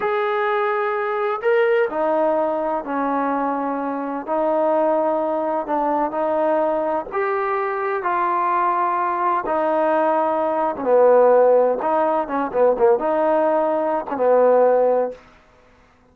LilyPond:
\new Staff \with { instrumentName = "trombone" } { \time 4/4 \tempo 4 = 127 gis'2. ais'4 | dis'2 cis'2~ | cis'4 dis'2. | d'4 dis'2 g'4~ |
g'4 f'2. | dis'2~ dis'8. cis'16 b4~ | b4 dis'4 cis'8 b8 ais8 dis'8~ | dis'4.~ dis'16 cis'16 b2 | }